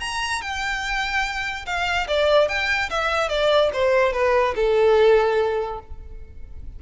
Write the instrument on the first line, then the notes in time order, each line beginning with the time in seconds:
violin
0.00 A#5
0.42 G5
1.66 F5
2.07 D5
2.48 G5
2.90 E5
3.29 D5
3.73 C5
4.13 B4
4.56 A4